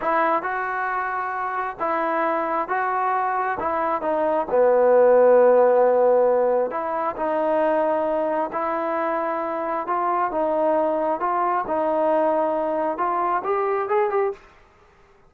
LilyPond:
\new Staff \with { instrumentName = "trombone" } { \time 4/4 \tempo 4 = 134 e'4 fis'2. | e'2 fis'2 | e'4 dis'4 b2~ | b2. e'4 |
dis'2. e'4~ | e'2 f'4 dis'4~ | dis'4 f'4 dis'2~ | dis'4 f'4 g'4 gis'8 g'8 | }